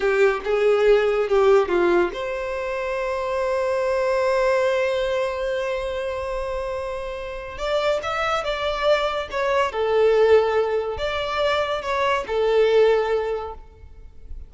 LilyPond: \new Staff \with { instrumentName = "violin" } { \time 4/4 \tempo 4 = 142 g'4 gis'2 g'4 | f'4 c''2.~ | c''1~ | c''1~ |
c''2 d''4 e''4 | d''2 cis''4 a'4~ | a'2 d''2 | cis''4 a'2. | }